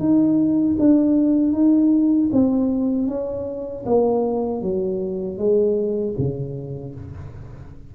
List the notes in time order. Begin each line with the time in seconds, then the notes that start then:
0.00 D#4
0.79 D4
1.53 D#4
2.33 C4
3.08 C#4
3.86 A#3
4.62 F#3
5.38 G#3
6.19 C#3